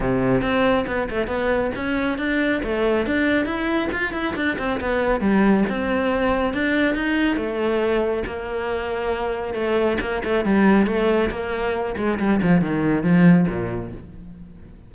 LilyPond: \new Staff \with { instrumentName = "cello" } { \time 4/4 \tempo 4 = 138 c4 c'4 b8 a8 b4 | cis'4 d'4 a4 d'4 | e'4 f'8 e'8 d'8 c'8 b4 | g4 c'2 d'4 |
dis'4 a2 ais4~ | ais2 a4 ais8 a8 | g4 a4 ais4. gis8 | g8 f8 dis4 f4 ais,4 | }